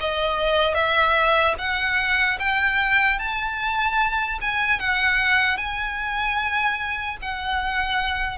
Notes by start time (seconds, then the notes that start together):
0.00 D#5
0.75 E5
1.59 F#5
2.39 G5
3.19 A5
4.41 G#5
4.80 F#5
5.57 G#5
7.22 F#5